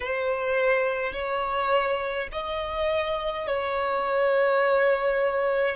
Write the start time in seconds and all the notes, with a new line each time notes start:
0.00 C5
1.13 C#5
2.31 D#5
3.47 C#5